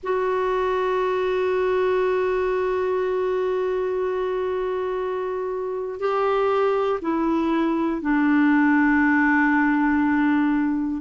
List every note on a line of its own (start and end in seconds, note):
0.03 5.99 F#4
5.99 6.99 G4
7.01 8.01 E4
8.01 11.01 D4